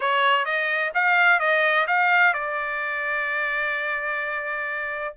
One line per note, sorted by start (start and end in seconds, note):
0.00 0.45 C#5
0.45 0.92 D#5
0.94 1.39 F5
1.39 1.86 D#5
1.87 2.33 F5
2.33 5.14 D5